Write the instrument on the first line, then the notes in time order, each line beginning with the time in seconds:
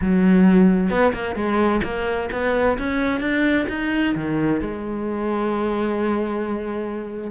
cello
0.01 F#3
0.90 B3
1.13 A#3
1.35 G#3
1.83 A#3
2.32 B3
2.78 C#4
3.20 D4
3.68 D#4
4.15 D#3
4.61 G#3